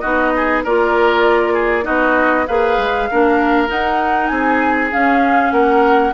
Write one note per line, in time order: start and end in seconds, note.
0.00 0.65 B3
0.00 0.65 D#4
0.00 0.32 F#4
0.00 0.61 D#5
0.36 0.64 G#4
0.64 1.87 A#3
0.64 1.83 F4
0.64 1.54 A#4
0.64 1.85 D5
1.54 1.84 G#4
1.83 2.48 B3
1.83 2.45 D#4
1.83 2.46 F#4
1.83 2.47 D#5
2.47 2.78 A#3
2.47 3.10 G#4
2.47 3.09 B4
2.47 3.70 F5
2.78 3.09 G#3
3.11 3.69 A#3
3.11 3.68 D4
3.11 4.32 A#4
3.68 4.90 D#4
3.68 4.30 D#4
3.68 4.27 F#5
4.27 4.92 C4
4.27 5.53 G#4
4.27 4.89 G#5
4.92 6.14 C#4
4.92 5.52 C#4
4.92 5.52 F5
5.52 6.13 A#3
5.52 6.14 A#4
5.52 6.13 F#5